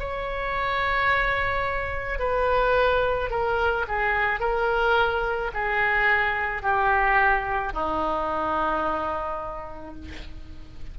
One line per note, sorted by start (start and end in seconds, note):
0.00 2.20 C#5
2.20 3.31 B4
3.31 3.86 A#4
3.88 4.40 G#4
4.40 5.52 A#4
5.55 6.63 G#4
6.63 7.73 G4
7.73 9.95 D#4